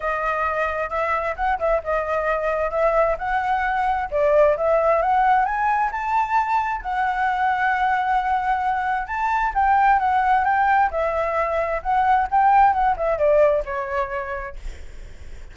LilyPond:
\new Staff \with { instrumentName = "flute" } { \time 4/4 \tempo 4 = 132 dis''2 e''4 fis''8 e''8 | dis''2 e''4 fis''4~ | fis''4 d''4 e''4 fis''4 | gis''4 a''2 fis''4~ |
fis''1 | a''4 g''4 fis''4 g''4 | e''2 fis''4 g''4 | fis''8 e''8 d''4 cis''2 | }